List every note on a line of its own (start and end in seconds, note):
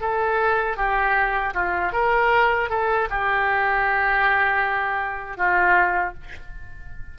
0.00 0.77 A4
0.77 1.53 G4
1.54 1.92 F4
1.92 2.69 A#4
2.70 3.08 A4
3.10 5.37 G4
5.37 6.14 F4